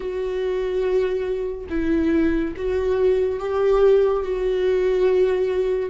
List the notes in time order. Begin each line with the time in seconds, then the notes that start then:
0.00 F#4
1.69 E4
2.56 F#4
3.39 G4
4.23 F#4